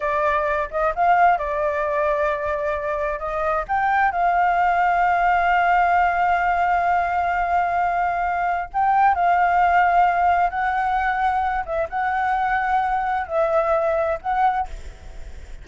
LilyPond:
\new Staff \with { instrumentName = "flute" } { \time 4/4 \tempo 4 = 131 d''4. dis''8 f''4 d''4~ | d''2. dis''4 | g''4 f''2.~ | f''1~ |
f''2. g''4 | f''2. fis''4~ | fis''4. e''8 fis''2~ | fis''4 e''2 fis''4 | }